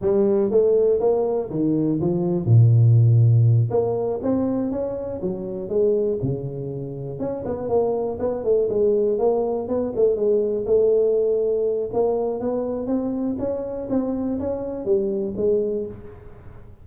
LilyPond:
\new Staff \with { instrumentName = "tuba" } { \time 4/4 \tempo 4 = 121 g4 a4 ais4 dis4 | f4 ais,2~ ais,8 ais8~ | ais8 c'4 cis'4 fis4 gis8~ | gis8 cis2 cis'8 b8 ais8~ |
ais8 b8 a8 gis4 ais4 b8 | a8 gis4 a2~ a8 | ais4 b4 c'4 cis'4 | c'4 cis'4 g4 gis4 | }